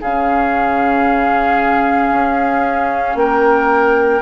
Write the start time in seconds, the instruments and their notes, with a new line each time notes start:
0.00 bassoon C#3, clarinet C#4, oboe G#4, flute F5
2.10 bassoon C#4
3.14 bassoon A#3, oboe A#4, flute G5